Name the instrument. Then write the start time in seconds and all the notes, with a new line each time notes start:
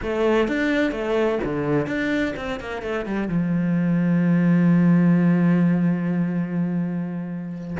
cello
0.02 A3
0.47 D4
0.91 A3
1.44 D3
1.86 D4
2.36 C4
2.59 A#3
2.82 A3
3.05 G3
3.28 F3